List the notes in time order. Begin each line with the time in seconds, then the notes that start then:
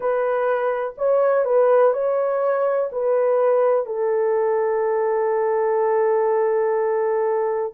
0.00 B4
0.97 C#5
1.44 B4
1.93 C#5
2.92 B4
3.86 A4